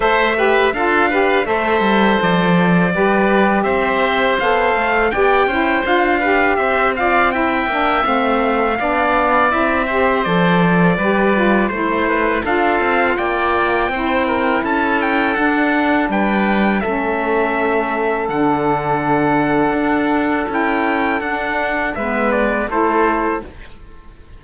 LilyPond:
<<
  \new Staff \with { instrumentName = "trumpet" } { \time 4/4 \tempo 4 = 82 e''4 f''4 e''4 d''4~ | d''4 e''4 f''4 g''4 | f''4 e''8 f''8 g''4 f''4~ | f''4 e''4 d''2 |
c''4 f''4 g''2 | a''8 g''8 fis''4 g''4 e''4~ | e''4 fis''2. | g''4 fis''4 e''8 d''8 c''4 | }
  \new Staff \with { instrumentName = "oboe" } { \time 4/4 c''8 b'8 a'8 b'8 c''2 | b'4 c''2 d''8 c''8~ | c''8 b'8 c''8 d''8 e''2 | d''4. c''4. b'4 |
c''8 b'8 a'4 d''4 c''8 ais'8 | a'2 b'4 a'4~ | a'1~ | a'2 b'4 a'4 | }
  \new Staff \with { instrumentName = "saxophone" } { \time 4/4 a'8 g'8 f'8 g'8 a'2 | g'2 a'4 g'8 e'8 | f'8 g'4 f'8 e'8 d'8 c'4 | d'4 e'8 g'8 a'4 g'8 f'8 |
e'4 f'2 e'4~ | e'4 d'2 cis'4~ | cis'4 d'2. | e'4 d'4 b4 e'4 | }
  \new Staff \with { instrumentName = "cello" } { \time 4/4 a4 d'4 a8 g8 f4 | g4 c'4 b8 a8 b8 cis'8 | d'4 c'4. ais8 a4 | b4 c'4 f4 g4 |
a4 d'8 c'8 ais4 c'4 | cis'4 d'4 g4 a4~ | a4 d2 d'4 | cis'4 d'4 gis4 a4 | }
>>